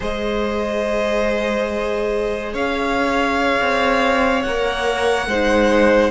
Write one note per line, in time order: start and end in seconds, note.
0.00 2.54 G#3
0.00 4.43 G#4
0.00 2.53 C5
0.00 2.55 D#5
2.53 3.59 C#4
2.53 5.28 C#5
2.53 4.42 F5
3.60 4.45 C4
4.42 5.26 A#3
4.42 5.30 A#4
4.42 6.10 F#5
5.26 6.10 G#3
5.26 6.10 D#4
5.26 6.10 C5